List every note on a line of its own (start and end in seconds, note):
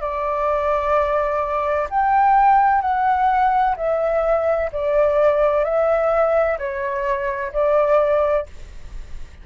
0.00 1.87 D5
1.89 2.81 G5
2.81 3.75 F#5
3.76 4.70 E5
4.72 5.64 D5
5.64 6.58 E5
6.58 7.52 C#5
7.52 8.46 D5